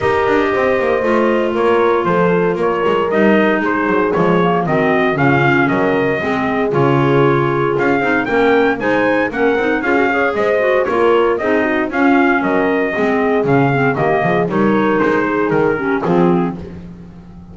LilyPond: <<
  \new Staff \with { instrumentName = "trumpet" } { \time 4/4 \tempo 4 = 116 dis''2. cis''4 | c''4 cis''4 dis''4 c''4 | cis''4 dis''4 f''4 dis''4~ | dis''4 cis''2 f''4 |
g''4 gis''4 fis''4 f''4 | dis''4 cis''4 dis''4 f''4 | dis''2 f''4 dis''4 | cis''4 c''4 ais'4 gis'4 | }
  \new Staff \with { instrumentName = "horn" } { \time 4/4 ais'4 c''2 ais'4 | a'4 ais'2 gis'4~ | gis'4 fis'4 f'4 ais'4 | gis'1 |
ais'4 c''4 ais'4 gis'8 cis''8 | c''4 ais'4 gis'8 fis'8 f'4 | ais'4 gis'2 g'8 gis'8 | ais'4. gis'4 g'8 f'4 | }
  \new Staff \with { instrumentName = "clarinet" } { \time 4/4 g'2 f'2~ | f'2 dis'2 | gis8 ais8 c'4 cis'2 | c'4 f'2~ f'8 dis'8 |
cis'4 dis'4 cis'8 dis'8 f'16 fis'16 gis'8~ | gis'8 fis'8 f'4 dis'4 cis'4~ | cis'4 c'4 cis'8 c'8 ais4 | dis'2~ dis'8 cis'8 c'4 | }
  \new Staff \with { instrumentName = "double bass" } { \time 4/4 dis'8 d'8 c'8 ais8 a4 ais4 | f4 ais8 gis8 g4 gis8 fis8 | f4 dis4 cis4 fis4 | gis4 cis2 cis'8 c'8 |
ais4 gis4 ais8 c'8 cis'4 | gis4 ais4 c'4 cis'4 | fis4 gis4 cis4 dis8 f8 | g4 gis4 dis4 f4 | }
>>